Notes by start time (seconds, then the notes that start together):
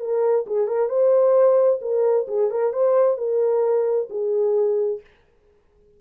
0.00 A#4
0.47 G#4
0.67 A#4
0.89 C5
1.81 A#4
2.28 G#4
2.50 A#4
2.73 C5
3.18 A#4
4.10 G#4